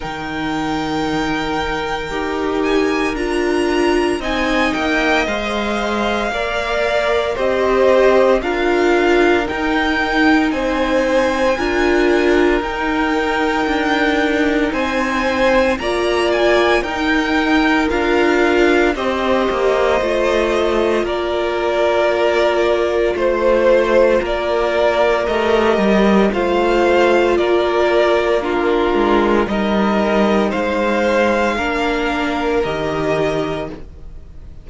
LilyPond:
<<
  \new Staff \with { instrumentName = "violin" } { \time 4/4 \tempo 4 = 57 g''2~ g''8 gis''8 ais''4 | gis''8 g''8 f''2 dis''4 | f''4 g''4 gis''2 | g''2 gis''4 ais''8 gis''8 |
g''4 f''4 dis''2 | d''2 c''4 d''4 | dis''4 f''4 d''4 ais'4 | dis''4 f''2 dis''4 | }
  \new Staff \with { instrumentName = "violin" } { \time 4/4 ais'1 | dis''2 d''4 c''4 | ais'2 c''4 ais'4~ | ais'2 c''4 d''4 |
ais'2 c''2 | ais'2 c''4 ais'4~ | ais'4 c''4 ais'4 f'4 | ais'4 c''4 ais'2 | }
  \new Staff \with { instrumentName = "viola" } { \time 4/4 dis'2 g'4 f'4 | dis'4 c''4 ais'4 g'4 | f'4 dis'2 f'4 | dis'2. f'4 |
dis'4 f'4 g'4 f'4~ | f'1 | g'4 f'2 d'4 | dis'2 d'4 g'4 | }
  \new Staff \with { instrumentName = "cello" } { \time 4/4 dis2 dis'4 d'4 | c'8 ais8 gis4 ais4 c'4 | d'4 dis'4 c'4 d'4 | dis'4 d'4 c'4 ais4 |
dis'4 d'4 c'8 ais8 a4 | ais2 a4 ais4 | a8 g8 a4 ais4. gis8 | g4 gis4 ais4 dis4 | }
>>